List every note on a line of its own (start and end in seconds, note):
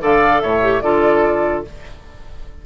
0.00 0.43 D3
0.00 0.62 A4
0.00 0.43 D5
0.00 0.42 F5
0.42 0.83 A2
0.42 0.84 C#5
0.42 0.81 E5
0.62 0.82 G4
0.81 1.65 D3
0.81 1.65 F4
0.81 1.66 A4
0.81 1.63 D5